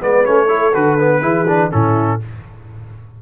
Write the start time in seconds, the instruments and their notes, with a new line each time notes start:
0.00 tuba G#3, trombone B3, horn B4, trumpet D5
0.25 tuba A3, trombone C#4, trumpet C#5
0.46 trombone E4, horn A4
0.74 tuba D3, trombone F#4, trumpet B4
0.99 trombone B3
1.21 tuba E3, trombone E4, horn G#4
1.48 trombone D4
1.71 tuba A2, trombone C#4, horn E4, trumpet A4